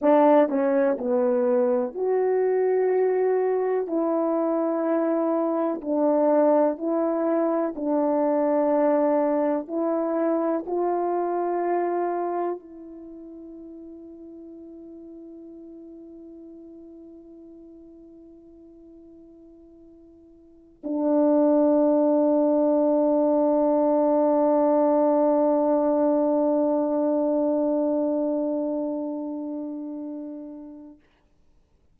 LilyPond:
\new Staff \with { instrumentName = "horn" } { \time 4/4 \tempo 4 = 62 d'8 cis'8 b4 fis'2 | e'2 d'4 e'4 | d'2 e'4 f'4~ | f'4 e'2.~ |
e'1~ | e'4. d'2~ d'8~ | d'1~ | d'1 | }